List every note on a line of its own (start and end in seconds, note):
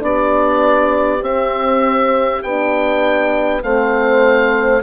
0.00 1.22 B3
0.00 1.20 D4
0.00 3.64 G4
0.00 1.24 D5
1.22 2.42 C4
1.22 2.43 C4
1.22 2.43 E5
2.43 3.63 B3
2.43 3.62 D4
2.43 3.63 G5
3.62 4.83 A3
3.62 4.83 C4
3.62 4.83 C5
3.62 4.83 F5